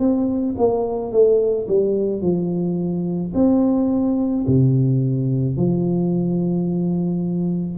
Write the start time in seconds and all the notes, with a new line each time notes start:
0.00 C4
0.58 A#3
1.12 A3
1.68 G3
2.22 F3
3.35 C4
4.47 C3
5.57 F3